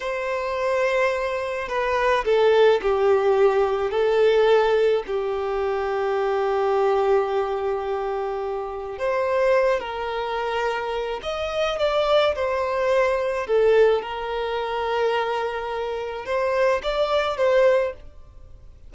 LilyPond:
\new Staff \with { instrumentName = "violin" } { \time 4/4 \tempo 4 = 107 c''2. b'4 | a'4 g'2 a'4~ | a'4 g'2.~ | g'1 |
c''4. ais'2~ ais'8 | dis''4 d''4 c''2 | a'4 ais'2.~ | ais'4 c''4 d''4 c''4 | }